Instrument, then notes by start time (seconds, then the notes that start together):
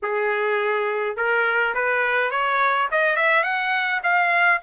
trumpet
0.02 G#4
1.16 A#4
1.74 B4
2.31 C#5
2.91 D#5
3.16 E5
3.43 F#5
4.03 F5